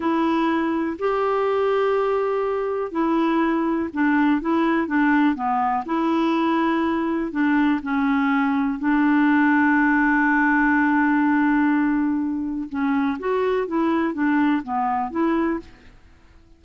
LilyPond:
\new Staff \with { instrumentName = "clarinet" } { \time 4/4 \tempo 4 = 123 e'2 g'2~ | g'2 e'2 | d'4 e'4 d'4 b4 | e'2. d'4 |
cis'2 d'2~ | d'1~ | d'2 cis'4 fis'4 | e'4 d'4 b4 e'4 | }